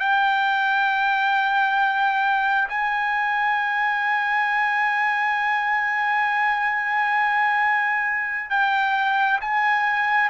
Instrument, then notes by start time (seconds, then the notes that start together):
trumpet
0.00 G5
2.69 G#5
8.50 G5
9.41 G#5